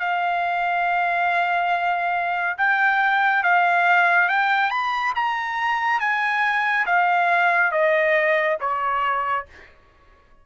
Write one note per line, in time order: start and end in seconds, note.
0.00 2.57 F5
2.58 3.44 G5
3.44 4.29 F5
4.29 4.71 G5
4.71 5.14 B5
5.15 6.00 A#5
6.00 6.86 G#5
6.86 7.72 F5
7.72 8.58 D#5
8.61 9.46 C#5